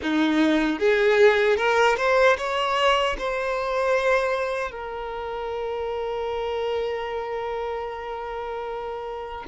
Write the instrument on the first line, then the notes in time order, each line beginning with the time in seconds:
violin
0.02 D#4
0.79 G#4
1.56 A#4
1.97 C5
2.37 C#5
3.18 C5
4.71 A#4